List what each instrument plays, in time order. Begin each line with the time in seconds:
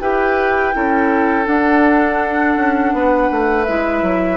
0.00 bassoon E4, clarinet G4, oboe B4, flute G5
0.73 bassoon C#4, clarinet E4, oboe A4
1.44 clarinet D4, bassoon D4, flute F#5
2.56 bassoon C#4
2.92 bassoon B3, oboe B4
3.31 bassoon A3
3.64 bassoon G#3, clarinet E4, flute E5
4.02 bassoon F#3